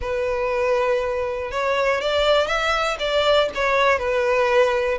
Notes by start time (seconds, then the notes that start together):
0.01 B4
1.51 C#5
2.00 D5
2.47 E5
2.99 D5
3.55 C#5
3.98 B4